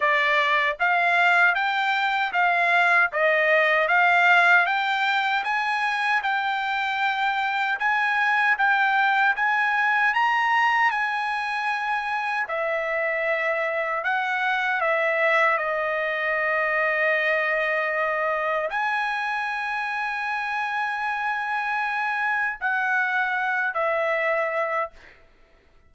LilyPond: \new Staff \with { instrumentName = "trumpet" } { \time 4/4 \tempo 4 = 77 d''4 f''4 g''4 f''4 | dis''4 f''4 g''4 gis''4 | g''2 gis''4 g''4 | gis''4 ais''4 gis''2 |
e''2 fis''4 e''4 | dis''1 | gis''1~ | gis''4 fis''4. e''4. | }